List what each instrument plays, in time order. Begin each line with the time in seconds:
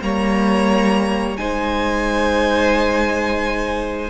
0.00 cello G3, viola A#3, violin C#5 A#5
1.37 cello G#3, viola D#4, violin C5 G#5